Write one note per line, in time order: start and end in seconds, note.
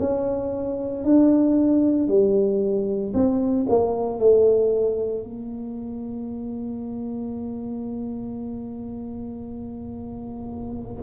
0.00 1.05 C#4
1.05 2.08 D4
2.08 3.13 G3
3.14 3.67 C4
3.69 4.19 A#3
4.19 5.24 A3
5.24 11.03 A#3